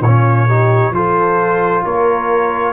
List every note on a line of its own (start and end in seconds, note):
0.00 0.90 A#2
0.00 0.48 C#4
0.00 0.46 F4
0.00 0.93 C#5
0.46 0.94 D#4
0.46 0.92 G4
0.90 1.81 F3
0.90 2.73 F4
0.90 1.84 A4
0.90 1.84 C5
1.84 2.73 A#3
1.84 2.73 A#4
1.84 2.73 C#5